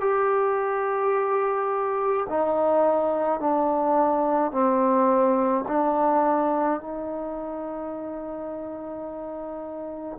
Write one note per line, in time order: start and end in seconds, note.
0.00 2.26 G4
2.29 3.40 D#4
3.40 4.52 D4
4.52 5.65 C4
5.68 6.80 D4
6.80 10.18 D#4